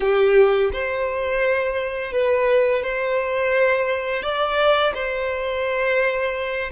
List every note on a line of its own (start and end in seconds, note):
0.00 0.70 G4
0.73 2.12 C5
2.12 2.82 B4
2.82 4.22 C5
4.22 4.93 D5
4.94 6.70 C5